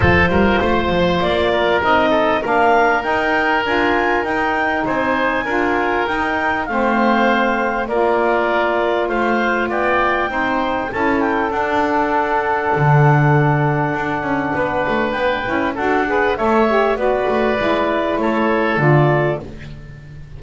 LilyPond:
<<
  \new Staff \with { instrumentName = "clarinet" } { \time 4/4 \tempo 4 = 99 c''2 d''4 dis''4 | f''4 g''4 gis''4 g''4 | gis''2 g''4 f''4~ | f''4 d''2 f''4 |
g''2 a''8 g''8 fis''4~ | fis''1~ | fis''4 g''4 fis''4 e''4 | d''2 cis''4 d''4 | }
  \new Staff \with { instrumentName = "oboe" } { \time 4/4 a'8 ais'8 c''4. ais'4 a'8 | ais'1 | c''4 ais'2 c''4~ | c''4 ais'2 c''4 |
d''4 c''4 a'2~ | a'1 | b'2 a'8 b'8 cis''4 | b'2 a'2 | }
  \new Staff \with { instrumentName = "saxophone" } { \time 4/4 f'2. dis'4 | d'4 dis'4 f'4 dis'4~ | dis'4 f'4 dis'4 c'4~ | c'4 f'2.~ |
f'4 dis'4 e'4 d'4~ | d'1~ | d'4. e'8 fis'8 gis'8 a'8 g'8 | fis'4 e'2 f'4 | }
  \new Staff \with { instrumentName = "double bass" } { \time 4/4 f8 g8 a8 f8 ais4 c'4 | ais4 dis'4 d'4 dis'4 | c'4 d'4 dis'4 a4~ | a4 ais2 a4 |
b4 c'4 cis'4 d'4~ | d'4 d2 d'8 cis'8 | b8 a8 b8 cis'8 d'4 a4 | b8 a8 gis4 a4 d4 | }
>>